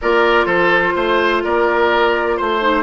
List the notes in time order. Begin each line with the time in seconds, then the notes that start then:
0.01 A#3 F4 A#4 D5
0.45 F3 A4 C5
0.95 A3 C5
1.44 A#3 A#4 D5
2.36 A3 C5
2.61 D#4